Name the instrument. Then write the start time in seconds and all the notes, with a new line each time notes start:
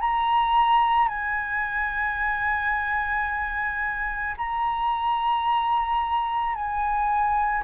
flute
0.00 A#5
1.08 G#5
4.37 A#5
6.54 G#5